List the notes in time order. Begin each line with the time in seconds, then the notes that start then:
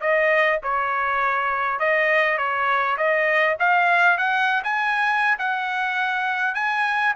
0.00 D#5
0.63 C#5
1.79 D#5
2.37 C#5
2.97 D#5
3.59 F5
4.17 F#5
4.63 G#5
5.38 F#5
6.54 G#5